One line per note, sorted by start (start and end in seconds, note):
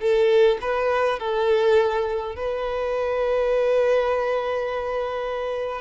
0.00 0.58 A4
0.61 1.19 B4
1.19 2.36 A4
2.36 5.81 B4